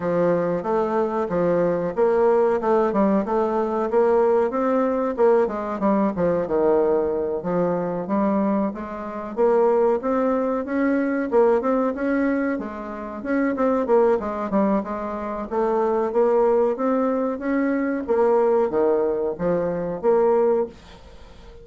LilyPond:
\new Staff \with { instrumentName = "bassoon" } { \time 4/4 \tempo 4 = 93 f4 a4 f4 ais4 | a8 g8 a4 ais4 c'4 | ais8 gis8 g8 f8 dis4. f8~ | f8 g4 gis4 ais4 c'8~ |
c'8 cis'4 ais8 c'8 cis'4 gis8~ | gis8 cis'8 c'8 ais8 gis8 g8 gis4 | a4 ais4 c'4 cis'4 | ais4 dis4 f4 ais4 | }